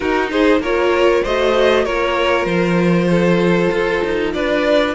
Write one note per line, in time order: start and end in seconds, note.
0.00 0.62 D#4
0.00 0.59 D#4
0.00 0.31 F#4
0.00 0.29 A#4
0.31 0.61 G#4
0.31 0.62 C5
0.59 1.21 A#3
0.59 1.25 F4
0.59 1.23 A#4
0.59 1.24 C#5
1.23 1.86 A3
1.23 1.86 F#4
1.23 1.84 C5
1.23 1.84 D#5
1.84 2.45 A#3
1.84 4.95 F4
1.84 3.07 A#4
1.84 2.45 C#5
2.45 3.69 F3
2.45 4.31 C5
3.10 4.34 A4
3.70 4.01 F4
4.04 4.34 D#4
4.33 4.95 D4
4.33 4.95 B4
4.33 4.94 D5